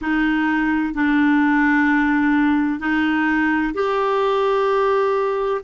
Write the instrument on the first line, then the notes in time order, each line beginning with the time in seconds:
clarinet
0.01 D#4
0.94 D4
2.79 D#4
3.73 G4